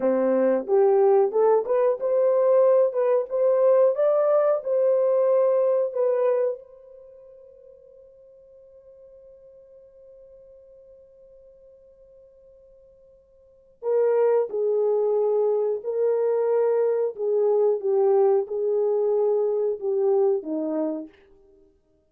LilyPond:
\new Staff \with { instrumentName = "horn" } { \time 4/4 \tempo 4 = 91 c'4 g'4 a'8 b'8 c''4~ | c''8 b'8 c''4 d''4 c''4~ | c''4 b'4 c''2~ | c''1~ |
c''1~ | c''4 ais'4 gis'2 | ais'2 gis'4 g'4 | gis'2 g'4 dis'4 | }